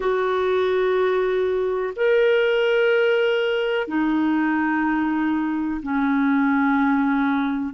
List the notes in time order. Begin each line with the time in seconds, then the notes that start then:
0.00 F#4
1.96 A#4
3.87 D#4
5.82 C#4